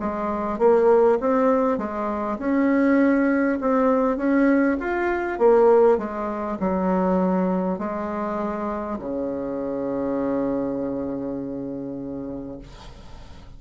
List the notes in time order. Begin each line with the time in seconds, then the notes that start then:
0.00 G#3
0.59 A#3
1.20 C4
1.78 G#3
2.38 C#4
3.61 C4
4.17 C#4
4.80 F4
5.38 A#3
5.98 G#3
6.59 F#3
7.79 G#3
8.99 C#3